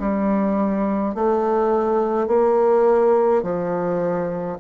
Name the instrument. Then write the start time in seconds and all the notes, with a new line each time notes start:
bassoon
0.00 G3
1.15 A3
2.28 A#3
3.43 F3